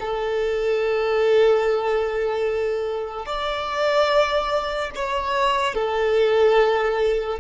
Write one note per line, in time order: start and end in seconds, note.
0.00 3.26 A4
3.26 4.91 D5
4.95 5.75 C#5
5.75 7.39 A4